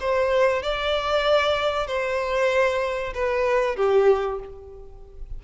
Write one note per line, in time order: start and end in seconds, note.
0.00 0.62 C5
0.62 1.87 D5
1.87 3.13 C5
3.14 3.76 B4
3.76 4.39 G4